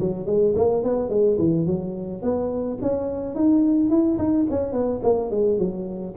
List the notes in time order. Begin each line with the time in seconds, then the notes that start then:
0.00 F#3
0.26 G#3
0.56 A#3
0.83 B3
1.09 G#3
1.38 E3
1.66 F#3
2.22 B3
2.81 C#4
3.35 D#4
3.89 E4
4.18 D#4
4.50 C#4
4.72 B3
5.03 A#3
5.30 G#3
5.59 F#3